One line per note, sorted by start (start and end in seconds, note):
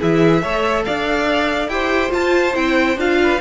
0.00 0.45 E3
0.00 0.42 E4
0.00 0.42 G#4
0.00 0.85 E5
0.42 0.87 A3
0.42 1.70 A4
0.42 0.85 C#5
0.85 1.68 D4
0.85 1.70 D5
0.85 1.69 F5
1.68 2.10 E4
1.68 2.09 G4
1.68 3.21 C5
1.68 2.11 G5
2.09 2.51 F4
2.09 2.55 F4
2.09 2.56 A5
2.55 2.97 C4
2.55 2.97 E4
2.55 2.98 G5
2.97 3.39 D4
2.97 3.40 F4
2.97 3.41 F5
3.23 3.41 B4